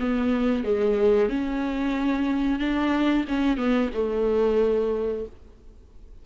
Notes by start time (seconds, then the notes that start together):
0.00 B3
0.64 G#3
1.29 C#4
2.60 D4
3.28 C#4
3.57 B3
3.94 A3